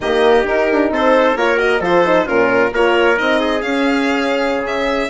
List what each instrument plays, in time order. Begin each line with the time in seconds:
0.00 bassoon D#3, horn A#3, trumpet G4, violin D#5
0.44 horn D#4, bassoon D#4, violin A#4
0.71 bassoon D4
0.91 bassoon C4, trumpet A4, violin C5
1.35 bassoon A#3, horn F4, trumpet A#4, violin C#5
1.57 horn F#4, violin D#5
1.80 bassoon F3, horn F4, trumpet A4, violin C5
2.04 horn D#4
2.25 bassoon A#2, horn C#4, trumpet F4, violin A#4
2.72 bassoon A#3, horn F4, trumpet A#4, violin C#5
3.16 bassoon C4, horn D#4, violin D#5
3.39 trumpet G#4
3.61 bassoon C#4, horn C#4, violin F5
4.57 bassoon C#3
4.66 violin E5